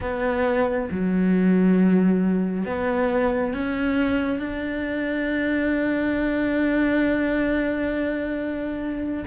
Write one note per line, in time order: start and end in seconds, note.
0.00 0.89 B3
0.91 2.65 F#3
2.65 3.53 B3
3.53 4.39 C#4
4.39 9.24 D4